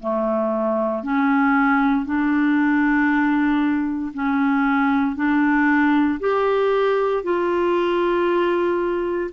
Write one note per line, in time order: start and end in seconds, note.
0.00 1.03 A3
1.03 2.05 C#4
2.05 4.12 D4
4.14 5.16 C#4
5.16 6.19 D4
6.20 7.23 G4
7.24 9.31 F4